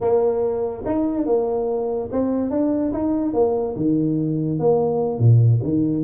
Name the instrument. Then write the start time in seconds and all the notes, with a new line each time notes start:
tuba
0.00 A#3
0.85 D#4
1.26 A#3
2.11 C4
2.50 D4
2.92 D#4
3.33 A#3
3.76 D#3
4.59 A#3
5.18 A#2
5.62 D#3